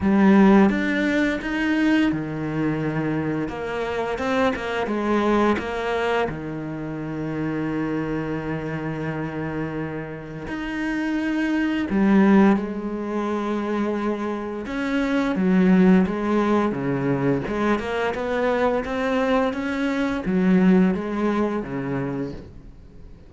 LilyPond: \new Staff \with { instrumentName = "cello" } { \time 4/4 \tempo 4 = 86 g4 d'4 dis'4 dis4~ | dis4 ais4 c'8 ais8 gis4 | ais4 dis2.~ | dis2. dis'4~ |
dis'4 g4 gis2~ | gis4 cis'4 fis4 gis4 | cis4 gis8 ais8 b4 c'4 | cis'4 fis4 gis4 cis4 | }